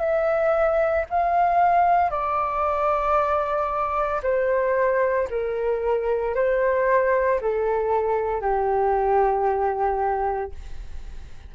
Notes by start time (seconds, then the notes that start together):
0.00 E5
1.10 F5
2.11 D5
4.23 C5
5.30 A#4
6.35 C5
7.41 A4
8.41 G4